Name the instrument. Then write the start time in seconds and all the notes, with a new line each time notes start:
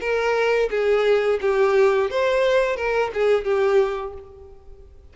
violin
0.00 A#4
0.70 G#4
1.41 G4
2.10 C5
2.76 A#4
3.13 G#4
3.44 G4